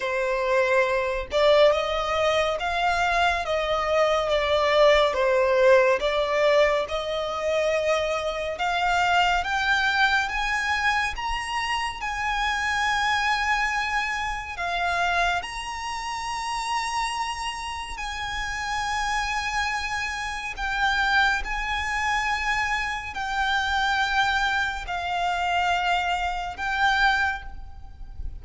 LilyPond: \new Staff \with { instrumentName = "violin" } { \time 4/4 \tempo 4 = 70 c''4. d''8 dis''4 f''4 | dis''4 d''4 c''4 d''4 | dis''2 f''4 g''4 | gis''4 ais''4 gis''2~ |
gis''4 f''4 ais''2~ | ais''4 gis''2. | g''4 gis''2 g''4~ | g''4 f''2 g''4 | }